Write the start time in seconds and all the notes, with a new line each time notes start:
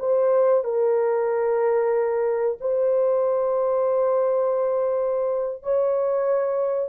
0.00 C5
0.65 A#4
2.61 C5
5.64 C#5